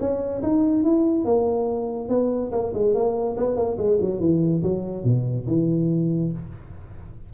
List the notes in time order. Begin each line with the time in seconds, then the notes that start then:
0.00 C#4
0.42 D#4
0.84 E4
1.25 A#3
2.09 B3
2.52 A#3
2.74 G#3
2.94 A#3
3.37 B3
3.56 A#3
3.78 G#3
4.01 F#3
4.20 E3
4.63 F#3
5.04 B2
5.48 E3